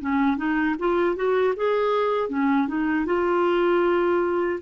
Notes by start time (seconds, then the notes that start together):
0.00 C#4
0.37 D#4
0.79 F4
1.16 F#4
1.56 G#4
2.29 C#4
2.67 D#4
3.06 F4